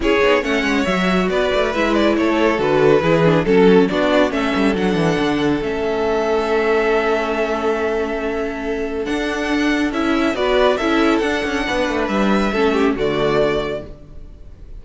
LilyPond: <<
  \new Staff \with { instrumentName = "violin" } { \time 4/4 \tempo 4 = 139 cis''4 fis''4 e''4 d''4 | e''8 d''8 cis''4 b'2 | a'4 d''4 e''4 fis''4~ | fis''4 e''2.~ |
e''1~ | e''4 fis''2 e''4 | d''4 e''4 fis''2 | e''2 d''2 | }
  \new Staff \with { instrumentName = "violin" } { \time 4/4 gis'4 cis''2 b'4~ | b'4 a'2 gis'4 | a'4 fis'4 a'2~ | a'1~ |
a'1~ | a'1 | b'4 a'2 b'4~ | b'4 a'8 g'8 fis'2 | }
  \new Staff \with { instrumentName = "viola" } { \time 4/4 e'8 dis'8 cis'4 fis'2 | e'2 fis'4 e'8 d'8 | cis'4 d'4 cis'4 d'4~ | d'4 cis'2.~ |
cis'1~ | cis'4 d'2 e'4 | fis'4 e'4 d'2~ | d'4 cis'4 a2 | }
  \new Staff \with { instrumentName = "cello" } { \time 4/4 cis'8 b8 a8 gis8 fis4 b8 a8 | gis4 a4 d4 e4 | fis4 b4 a8 g8 fis8 e8 | d4 a2.~ |
a1~ | a4 d'2 cis'4 | b4 cis'4 d'8 cis'8 b8 a8 | g4 a4 d2 | }
>>